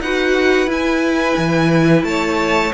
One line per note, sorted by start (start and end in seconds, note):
0.00 0.67 D#4
0.00 0.67 F#4
0.00 2.07 B4
0.00 0.70 F#5
0.67 1.35 E4
0.67 2.72 E4
0.67 2.05 G#5
1.37 2.04 E3
2.04 2.72 A3
2.04 2.74 C#5
2.04 2.73 A5